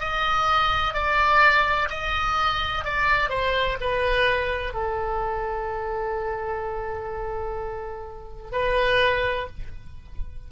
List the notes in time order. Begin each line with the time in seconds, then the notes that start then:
0.00 D#5
0.94 D5
1.90 D#5
2.85 D5
3.30 C5
3.81 B4
4.74 A4
8.52 B4